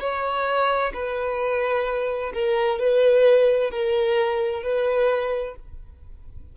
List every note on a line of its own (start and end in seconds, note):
0.00 0.92 C#5
0.94 2.32 B4
2.34 2.79 A#4
2.79 3.71 B4
3.71 4.63 A#4
4.63 5.55 B4